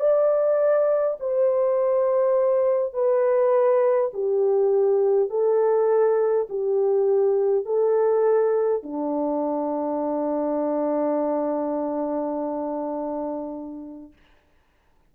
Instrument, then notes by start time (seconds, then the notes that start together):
horn
0.00 D5
1.20 C5
2.94 B4
4.14 G4
5.30 A4
6.50 G4
7.66 A4
8.83 D4